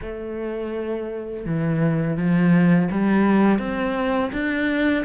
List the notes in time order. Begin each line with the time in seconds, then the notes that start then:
0.01 A3
1.45 E3
2.16 F3
2.91 G3
3.58 C4
4.32 D4